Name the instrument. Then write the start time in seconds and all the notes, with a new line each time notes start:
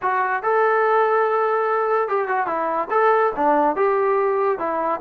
trombone
0.02 F#4
0.42 A4
2.08 G4
2.28 F#4
2.46 E4
2.90 A4
3.36 D4
3.75 G4
4.58 E4